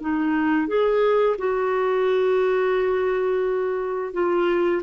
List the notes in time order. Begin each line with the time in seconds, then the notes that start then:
0.00 D#4
0.67 G#4
1.38 F#4
4.13 F4